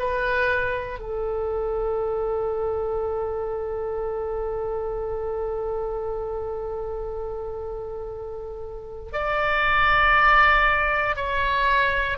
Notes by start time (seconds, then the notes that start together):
0.00 B4
1.00 A4
9.13 D5
11.16 C#5